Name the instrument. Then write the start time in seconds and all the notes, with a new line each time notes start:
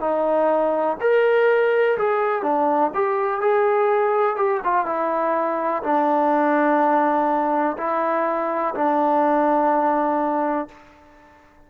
trombone
0.00 D#4
1.00 A#4
1.98 G#4
2.42 D4
2.94 G4
3.41 G#4
4.36 G4
4.64 F4
4.86 E4
5.83 D4
7.77 E4
8.74 D4